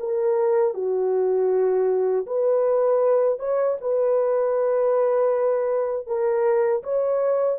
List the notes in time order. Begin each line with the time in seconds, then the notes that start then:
0.00 A#4
0.74 F#4
2.27 B4
3.39 C#5
3.81 B4
6.07 A#4
6.84 C#5